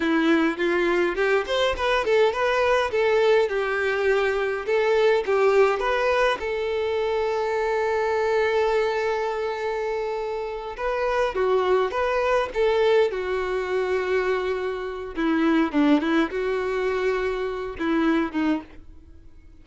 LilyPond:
\new Staff \with { instrumentName = "violin" } { \time 4/4 \tempo 4 = 103 e'4 f'4 g'8 c''8 b'8 a'8 | b'4 a'4 g'2 | a'4 g'4 b'4 a'4~ | a'1~ |
a'2~ a'8 b'4 fis'8~ | fis'8 b'4 a'4 fis'4.~ | fis'2 e'4 d'8 e'8 | fis'2~ fis'8 e'4 dis'8 | }